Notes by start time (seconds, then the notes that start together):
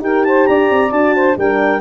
0.00 D#4 G4 A#4 G5
0.24 C5 A5
0.46 D4 D5 A#5
0.70 C4
0.91 D4 F#4 A5
1.15 C5
1.37 G3 D4 A#4 G5